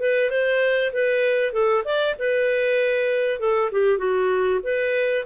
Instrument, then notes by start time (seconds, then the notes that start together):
clarinet
0.00 B4
0.31 C5
0.93 B4
1.53 A4
1.85 D5
2.19 B4
3.40 A4
3.72 G4
3.98 F#4
4.64 B4